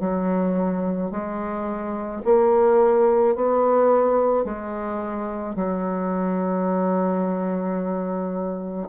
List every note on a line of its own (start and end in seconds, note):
0.00 1.11 F#3
1.11 2.22 G#3
2.25 3.35 A#3
3.35 4.44 B3
4.44 5.56 G#3
5.56 8.89 F#3